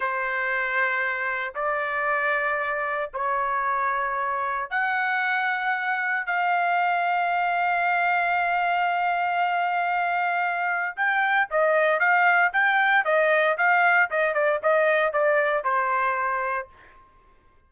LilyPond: \new Staff \with { instrumentName = "trumpet" } { \time 4/4 \tempo 4 = 115 c''2. d''4~ | d''2 cis''2~ | cis''4 fis''2. | f''1~ |
f''1~ | f''4 g''4 dis''4 f''4 | g''4 dis''4 f''4 dis''8 d''8 | dis''4 d''4 c''2 | }